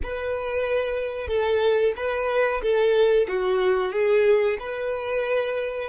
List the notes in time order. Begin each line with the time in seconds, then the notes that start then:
0.02 B4
1.27 A4
1.96 B4
2.61 A4
3.28 F#4
3.92 G#4
4.59 B4